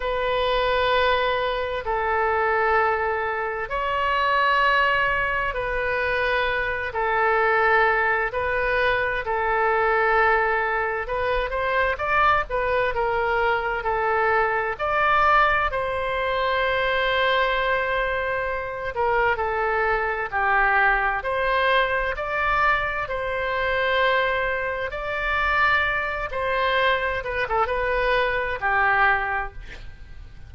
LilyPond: \new Staff \with { instrumentName = "oboe" } { \time 4/4 \tempo 4 = 65 b'2 a'2 | cis''2 b'4. a'8~ | a'4 b'4 a'2 | b'8 c''8 d''8 b'8 ais'4 a'4 |
d''4 c''2.~ | c''8 ais'8 a'4 g'4 c''4 | d''4 c''2 d''4~ | d''8 c''4 b'16 a'16 b'4 g'4 | }